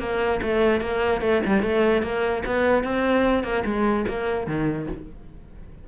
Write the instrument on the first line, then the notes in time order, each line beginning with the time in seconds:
cello
0.00 A#3
0.43 A3
0.81 A#3
1.21 A3
1.46 G3
1.63 A3
2.03 A#3
2.46 B3
2.84 C4
3.44 A#3
3.65 G#3
4.08 A#3
4.47 D#3